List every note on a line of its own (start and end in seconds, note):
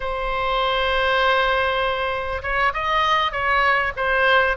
0.00 2.41 C5
2.42 2.72 C#5
2.73 3.32 D#5
3.32 3.92 C#5
3.96 4.56 C5